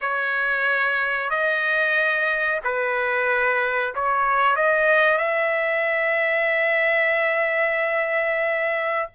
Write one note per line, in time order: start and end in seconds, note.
0.01 1.30 C#5
1.30 2.60 D#5
2.64 3.94 B4
3.95 4.56 C#5
4.56 5.18 D#5
5.18 9.09 E5